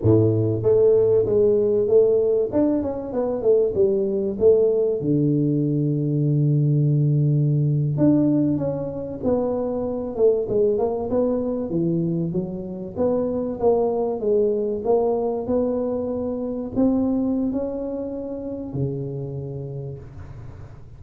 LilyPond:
\new Staff \with { instrumentName = "tuba" } { \time 4/4 \tempo 4 = 96 a,4 a4 gis4 a4 | d'8 cis'8 b8 a8 g4 a4 | d1~ | d8. d'4 cis'4 b4~ b16~ |
b16 a8 gis8 ais8 b4 e4 fis16~ | fis8. b4 ais4 gis4 ais16~ | ais8. b2 c'4~ c'16 | cis'2 cis2 | }